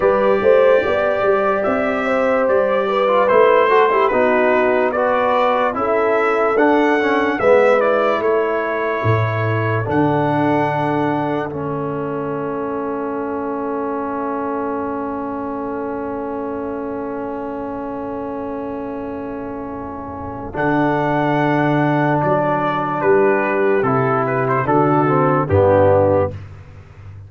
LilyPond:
<<
  \new Staff \with { instrumentName = "trumpet" } { \time 4/4 \tempo 4 = 73 d''2 e''4 d''4 | c''4 b'4 d''4 e''4 | fis''4 e''8 d''8 cis''2 | fis''2 e''2~ |
e''1~ | e''1~ | e''4 fis''2 d''4 | b'4 a'8 b'16 c''16 a'4 g'4 | }
  \new Staff \with { instrumentName = "horn" } { \time 4/4 b'8 c''8 d''4. c''4 b'8~ | b'8 a'16 g'16 fis'4 b'4 a'4~ | a'4 b'4 a'2~ | a'1~ |
a'1~ | a'1~ | a'1 | g'2 fis'4 d'4 | }
  \new Staff \with { instrumentName = "trombone" } { \time 4/4 g'2.~ g'8. f'16 | e'8 fis'16 e'16 dis'4 fis'4 e'4 | d'8 cis'8 b8 e'2~ e'8 | d'2 cis'2~ |
cis'1~ | cis'1~ | cis'4 d'2.~ | d'4 e'4 d'8 c'8 b4 | }
  \new Staff \with { instrumentName = "tuba" } { \time 4/4 g8 a8 b8 g8 c'4 g4 | a4 b2 cis'4 | d'4 gis4 a4 a,4 | d2 a2~ |
a1~ | a1~ | a4 d2 fis4 | g4 c4 d4 g,4 | }
>>